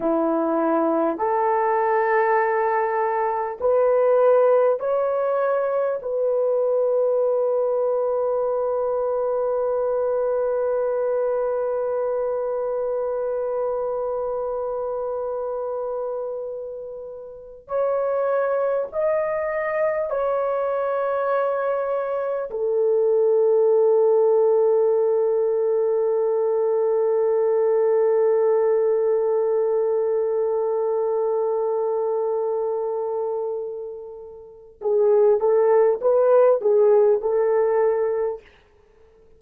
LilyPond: \new Staff \with { instrumentName = "horn" } { \time 4/4 \tempo 4 = 50 e'4 a'2 b'4 | cis''4 b'2.~ | b'1~ | b'2~ b'8. cis''4 dis''16~ |
dis''8. cis''2 a'4~ a'16~ | a'1~ | a'1~ | a'4 gis'8 a'8 b'8 gis'8 a'4 | }